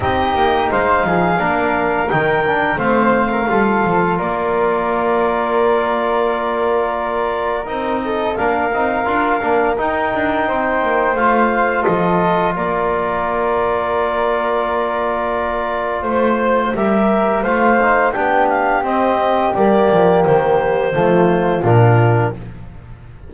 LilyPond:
<<
  \new Staff \with { instrumentName = "clarinet" } { \time 4/4 \tempo 4 = 86 dis''4 f''2 g''4 | f''2 d''2~ | d''2. dis''4 | f''2 g''2 |
f''4 dis''4 d''2~ | d''2. c''4 | e''4 f''4 g''8 f''8 dis''4 | d''4 c''2 ais'4 | }
  \new Staff \with { instrumentName = "flute" } { \time 4/4 g'4 c''8 gis'8 ais'2 | c''8. ais'16 a'4 ais'2~ | ais'2.~ ais'8 a'8 | ais'2. c''4~ |
c''4 a'4 ais'2~ | ais'2. c''4 | ais'4 c''4 g'2~ | g'2 f'2 | }
  \new Staff \with { instrumentName = "trombone" } { \time 4/4 dis'2 d'4 dis'8 d'8 | c'4 f'2.~ | f'2. dis'4 | d'8 dis'8 f'8 d'8 dis'2 |
f'1~ | f'1 | g'4 f'8 dis'8 d'4 c'4 | ais2 a4 d'4 | }
  \new Staff \with { instrumentName = "double bass" } { \time 4/4 c'8 ais8 gis8 f8 ais4 dis4 | a4 g8 f8 ais2~ | ais2. c'4 | ais8 c'8 d'8 ais8 dis'8 d'8 c'8 ais8 |
a4 f4 ais2~ | ais2. a4 | g4 a4 b4 c'4 | g8 f8 dis4 f4 ais,4 | }
>>